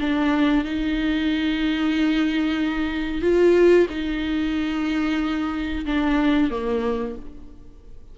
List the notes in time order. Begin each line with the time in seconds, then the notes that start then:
0.00 D4
0.65 D#4
3.22 F4
3.90 D#4
5.86 D4
6.51 A#3